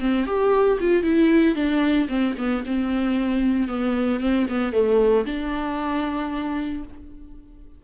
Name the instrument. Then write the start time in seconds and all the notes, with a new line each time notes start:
viola
0.00 C4
0.26 G4
0.81 F4
1.03 E4
1.56 D4
2.09 C4
2.38 B3
2.66 C4
3.68 B3
4.21 C4
4.49 B3
4.73 A3
5.26 D4